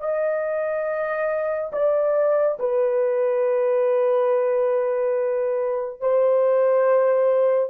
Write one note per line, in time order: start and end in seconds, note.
0.00 1.71 D#5
1.72 2.58 D5
2.59 6.00 B4
6.00 7.69 C5